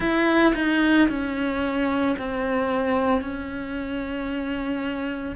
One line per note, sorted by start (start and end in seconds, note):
0.00 0.54 E4
0.54 1.08 D#4
1.09 2.16 C#4
2.18 3.21 C4
3.21 5.35 C#4